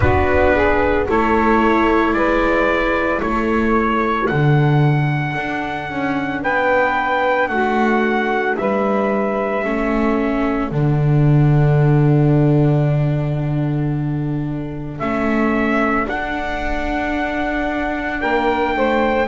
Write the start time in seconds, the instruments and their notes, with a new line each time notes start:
0.00 double bass B3, viola D4, saxophone F#4, trumpet B4
0.54 saxophone G#4
1.06 double bass A3, viola E4, saxophone A4, trumpet C#5
2.13 double bass G#3, saxophone B4, trumpet D5
3.21 double bass A3, saxophone A4, trumpet C#5
4.27 double bass D3, viola D4, trumpet F#5
5.36 double bass D4
5.89 double bass C#4
6.42 double bass B3, saxophone B4, trumpet G5
7.48 double bass A3, saxophone F#4, trumpet F#5
8.57 double bass G3, saxophone B4, trumpet E5
9.64 double bass A3, viola C#4, saxophone A4
10.70 double bass D3, viola D4, trumpet F#5
14.99 double bass A3, viola C#4, trumpet E5
16.05 viola D4, double bass D4, trumpet F#5
18.20 double bass A#3, saxophone A#4, trumpet G5
18.76 double bass A3, saxophone C5